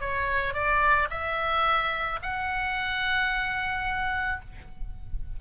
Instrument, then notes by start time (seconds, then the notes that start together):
oboe
0.00 C#5
0.54 D5
1.10 E5
2.22 F#5